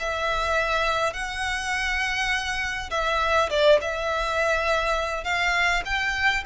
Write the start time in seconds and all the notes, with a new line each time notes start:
0.00 E5
1.14 F#5
2.91 E5
3.50 D5
3.81 E5
5.24 F5
5.85 G5